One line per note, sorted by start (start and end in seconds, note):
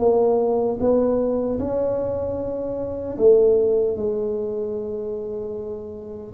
0.00 0.79 A#3
0.80 1.59 B3
1.60 3.18 C#4
3.18 3.97 A3
3.97 6.34 G#3